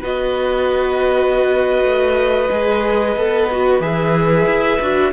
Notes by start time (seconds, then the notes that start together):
0.00 B3 F#4 B4 D#5
1.83 A3
2.50 G#3 G#4
3.16 B3 A4
3.51 F#4
3.80 E3 G#4 E5
4.45 E4
4.81 D4 F#4